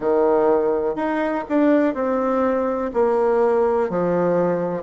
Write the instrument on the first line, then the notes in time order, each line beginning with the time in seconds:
bassoon
0.00 D#3
0.95 D#4
1.49 D4
1.94 C4
2.93 A#3
3.89 F3